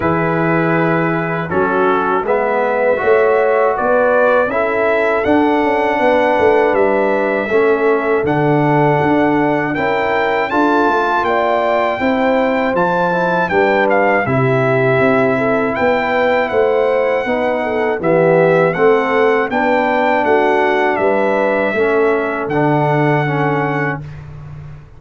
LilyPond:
<<
  \new Staff \with { instrumentName = "trumpet" } { \time 4/4 \tempo 4 = 80 b'2 a'4 e''4~ | e''4 d''4 e''4 fis''4~ | fis''4 e''2 fis''4~ | fis''4 g''4 a''4 g''4~ |
g''4 a''4 g''8 f''8 e''4~ | e''4 g''4 fis''2 | e''4 fis''4 g''4 fis''4 | e''2 fis''2 | }
  \new Staff \with { instrumentName = "horn" } { \time 4/4 gis'2 fis'4 b'4 | cis''4 b'4 a'2 | b'2 a'2~ | a'4 ais'4 a'4 d''4 |
c''2 b'4 g'4~ | g'8 a'8 b'4 c''4 b'8 a'8 | g'4 a'4 b'4 fis'4 | b'4 a'2. | }
  \new Staff \with { instrumentName = "trombone" } { \time 4/4 e'2 cis'4 b4 | fis'2 e'4 d'4~ | d'2 cis'4 d'4~ | d'4 e'4 f'2 |
e'4 f'8 e'8 d'4 e'4~ | e'2. dis'4 | b4 c'4 d'2~ | d'4 cis'4 d'4 cis'4 | }
  \new Staff \with { instrumentName = "tuba" } { \time 4/4 e2 fis4 gis4 | a4 b4 cis'4 d'8 cis'8 | b8 a8 g4 a4 d4 | d'4 cis'4 d'8 a8 ais4 |
c'4 f4 g4 c4 | c'4 b4 a4 b4 | e4 a4 b4 a4 | g4 a4 d2 | }
>>